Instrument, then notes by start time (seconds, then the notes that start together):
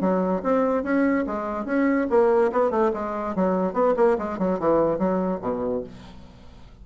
bassoon
0.00 F#3
0.43 C4
0.83 C#4
1.26 G#3
1.65 C#4
2.09 A#3
2.52 B3
2.70 A3
2.93 G#3
3.35 F#3
3.73 B3
3.96 A#3
4.18 G#3
4.38 F#3
4.59 E3
4.98 F#3
5.41 B2